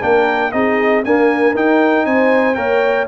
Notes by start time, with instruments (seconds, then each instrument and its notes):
0.00 tuba A#3, trombone D4, horn A#4, trumpet G5
0.51 tuba C4, trombone D#4, horn G#4, trumpet D#5
1.04 trombone A#3, tuba D4, horn A#4, trumpet G#5
1.54 tuba D#4, trombone D#4, trumpet G5
2.05 tuba C4, horn C5, trumpet G#5
2.54 tuba A#3, trombone A#4, horn C#5, trumpet G5